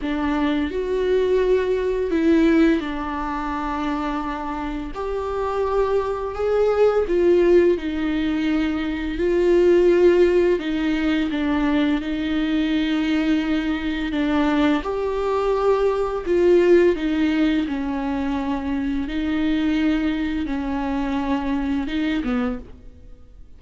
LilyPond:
\new Staff \with { instrumentName = "viola" } { \time 4/4 \tempo 4 = 85 d'4 fis'2 e'4 | d'2. g'4~ | g'4 gis'4 f'4 dis'4~ | dis'4 f'2 dis'4 |
d'4 dis'2. | d'4 g'2 f'4 | dis'4 cis'2 dis'4~ | dis'4 cis'2 dis'8 b8 | }